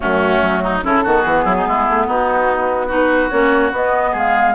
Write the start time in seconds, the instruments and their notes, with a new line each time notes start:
0.00 bassoon F#2, clarinet A3, oboe C#4, flute F#4
0.41 bassoon F#3
0.63 oboe D#4
0.82 bassoon C#3, clarinet C#4, oboe E4, flute A4
1.03 bassoon D#3, clarinet B3, oboe F#4
1.21 bassoon E3, flute G#4
1.44 bassoon F#3, oboe E4
1.56 oboe D#4
1.66 bassoon G#3, oboe E4
1.89 bassoon A3
2.06 bassoon B3, oboe D#4, flute F#4
2.86 clarinet D#4, oboe F#4
2.93 flute B4
3.30 bassoon A#3, clarinet C#4, flute C#5
3.71 bassoon B3, clarinet B3, flute D#5
4.12 bassoon G#3, oboe G#4, flute F5